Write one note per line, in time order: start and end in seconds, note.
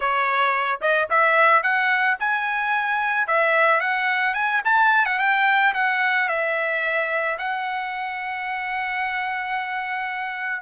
0.00 0.80 C#5
0.81 1.08 D#5
1.10 1.62 E5
1.62 2.17 F#5
2.19 3.27 G#5
3.27 3.80 E5
3.80 4.34 F#5
4.34 4.61 G#5
4.64 5.05 A5
5.05 5.18 F#5
5.18 5.73 G5
5.73 6.28 F#5
6.28 7.37 E5
7.38 10.62 F#5